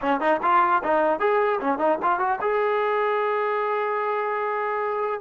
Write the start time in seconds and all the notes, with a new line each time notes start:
0.01 C#4
0.20 D#4
0.42 F4
0.83 D#4
1.19 G#4
1.60 C#4
1.78 D#4
2.02 F4
2.19 F#4
2.41 G#4